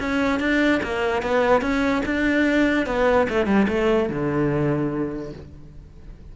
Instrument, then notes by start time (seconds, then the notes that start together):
cello
0.00 C#4
0.40 D4
0.83 A#3
1.22 B3
1.62 C#4
2.05 D4
2.86 B3
3.29 A3
3.46 G3
3.68 A3
4.09 D3